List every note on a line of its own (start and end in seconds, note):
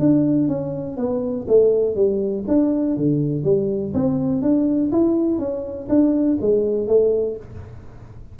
0.00 0.49 D4
0.49 0.98 C#4
0.98 1.47 B3
1.48 1.96 A3
1.96 2.45 G3
2.48 2.97 D4
2.97 3.44 D3
3.44 3.94 G3
3.94 4.43 C4
4.43 4.92 D4
4.92 5.39 E4
5.39 5.88 C#4
5.89 6.38 D4
6.42 6.88 G#3
6.88 7.37 A3